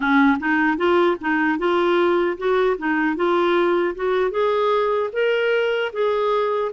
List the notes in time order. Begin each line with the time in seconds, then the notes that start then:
0.00 C#4
0.39 D#4
0.77 F4
1.21 D#4
1.58 F4
2.37 F#4
2.77 D#4
3.16 F4
3.95 F#4
4.31 G#4
5.12 A#4
5.92 G#4